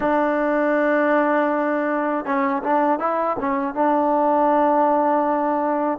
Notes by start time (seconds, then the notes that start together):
0.00 D4
2.25 C#4
2.63 D4
2.99 E4
3.39 C#4
3.74 D4